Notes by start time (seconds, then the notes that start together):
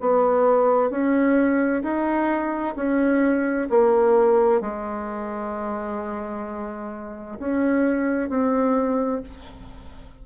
0.00 B3
0.90 C#4
1.83 D#4
2.76 C#4
3.70 A#3
4.61 G#3
7.39 C#4
8.29 C4